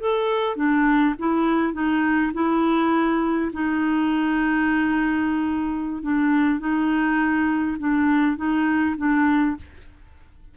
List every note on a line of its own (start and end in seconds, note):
0.00 0.56 A4
0.56 1.14 D4
1.19 1.73 E4
1.73 2.32 D#4
2.33 3.51 E4
3.53 6.02 D#4
6.02 6.59 D4
6.59 7.77 D#4
7.79 8.36 D4
8.36 8.95 D#4
8.97 9.56 D4